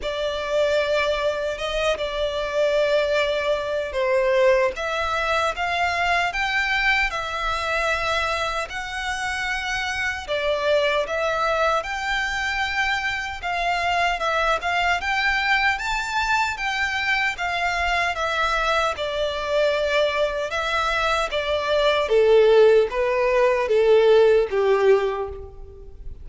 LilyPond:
\new Staff \with { instrumentName = "violin" } { \time 4/4 \tempo 4 = 76 d''2 dis''8 d''4.~ | d''4 c''4 e''4 f''4 | g''4 e''2 fis''4~ | fis''4 d''4 e''4 g''4~ |
g''4 f''4 e''8 f''8 g''4 | a''4 g''4 f''4 e''4 | d''2 e''4 d''4 | a'4 b'4 a'4 g'4 | }